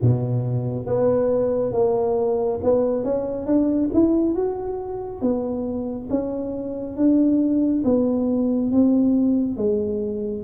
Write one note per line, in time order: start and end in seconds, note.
0.01 0.85 B2
0.85 1.72 B3
1.72 2.59 A#3
2.63 3.04 B3
3.04 3.46 C#4
3.46 3.90 D4
3.93 4.35 E4
4.35 5.21 F#4
5.21 6.08 B3
6.09 6.96 C#4
6.96 7.83 D4
7.84 8.71 B3
8.71 9.57 C4
9.57 10.43 G#3